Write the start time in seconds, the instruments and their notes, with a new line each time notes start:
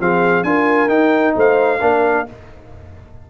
0.00 tuba F3, trombone C4, horn G#4, trumpet F5
0.43 tuba D4, trombone F4, horn A#4, trumpet G#5
0.87 tuba D#4, trombone D#4, trumpet G5
1.35 tuba A3, horn C5, trumpet F5
1.80 tuba A#3, trombone D4, horn A#4